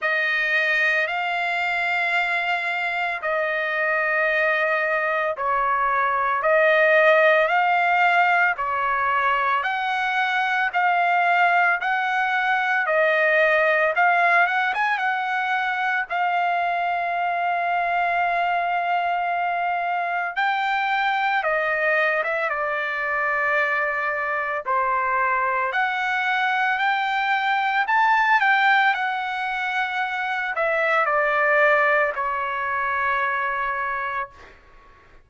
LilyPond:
\new Staff \with { instrumentName = "trumpet" } { \time 4/4 \tempo 4 = 56 dis''4 f''2 dis''4~ | dis''4 cis''4 dis''4 f''4 | cis''4 fis''4 f''4 fis''4 | dis''4 f''8 fis''16 gis''16 fis''4 f''4~ |
f''2. g''4 | dis''8. e''16 d''2 c''4 | fis''4 g''4 a''8 g''8 fis''4~ | fis''8 e''8 d''4 cis''2 | }